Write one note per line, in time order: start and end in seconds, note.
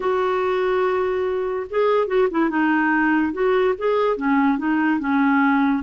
0.00 1.67 F#4
1.70 2.07 G#4
2.07 2.27 F#4
2.30 2.49 E4
2.49 3.32 D#4
3.32 3.74 F#4
3.77 4.16 G#4
4.16 4.58 C#4
4.58 4.99 D#4
4.99 5.83 C#4